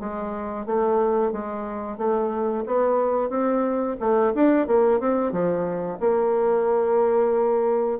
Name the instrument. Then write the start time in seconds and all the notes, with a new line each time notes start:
bassoon
0.00 G#3
0.66 A3
1.32 G#3
1.98 A3
2.66 B3
3.30 C4
4.00 A3
4.35 D4
4.67 A#3
5.00 C4
5.32 F3
6.00 A#3